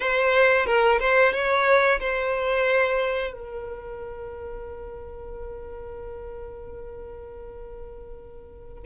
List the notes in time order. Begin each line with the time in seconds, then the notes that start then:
0.00 C5
0.65 A#4
0.99 C5
1.32 C#5
2.00 C5
3.33 A#4